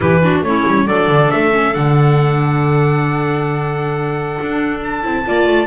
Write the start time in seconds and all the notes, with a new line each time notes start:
0.00 E3 E4 G4 B4
0.22 D4 F#4
0.42 A3 C#4 E4 C#5
0.67 G3
0.85 F#3 D4 A4 D5
1.07 D3
1.30 A3 E5
1.52 C#4
1.73 D3 D4 F#5
4.41 D4
4.82 A5
5.02 C4 E4
5.26 A#3 F4 D5
5.46 A3